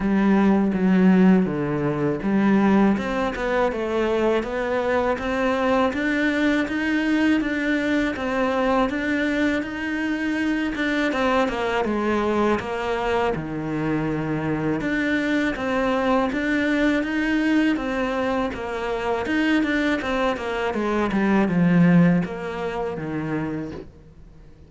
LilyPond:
\new Staff \with { instrumentName = "cello" } { \time 4/4 \tempo 4 = 81 g4 fis4 d4 g4 | c'8 b8 a4 b4 c'4 | d'4 dis'4 d'4 c'4 | d'4 dis'4. d'8 c'8 ais8 |
gis4 ais4 dis2 | d'4 c'4 d'4 dis'4 | c'4 ais4 dis'8 d'8 c'8 ais8 | gis8 g8 f4 ais4 dis4 | }